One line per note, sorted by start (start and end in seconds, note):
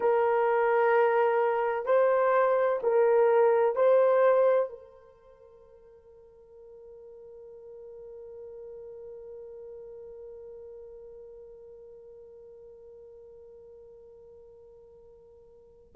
0.00 1.85 A#4
1.85 2.79 C5
2.82 3.75 A#4
3.75 4.69 C5
4.69 15.94 A#4